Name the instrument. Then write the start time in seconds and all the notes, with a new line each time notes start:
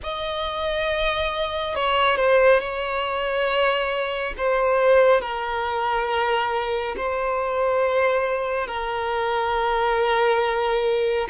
violin
0.03 D#5
1.75 C#5
2.16 C5
2.60 C#5
4.37 C5
5.21 A#4
6.96 C5
8.67 A#4